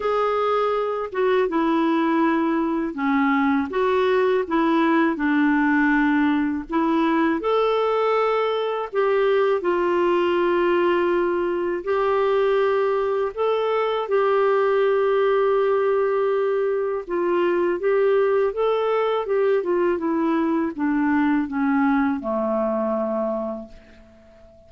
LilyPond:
\new Staff \with { instrumentName = "clarinet" } { \time 4/4 \tempo 4 = 81 gis'4. fis'8 e'2 | cis'4 fis'4 e'4 d'4~ | d'4 e'4 a'2 | g'4 f'2. |
g'2 a'4 g'4~ | g'2. f'4 | g'4 a'4 g'8 f'8 e'4 | d'4 cis'4 a2 | }